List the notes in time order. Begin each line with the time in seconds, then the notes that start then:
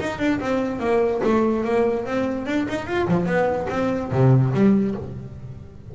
0.00 D#4
0.18 D4
0.40 C4
0.79 A#3
1.23 A3
1.64 A#3
2.05 C4
2.46 D4
2.68 D#4
2.86 F4
3.07 F3
3.26 B3
3.69 C4
4.11 C3
4.53 G3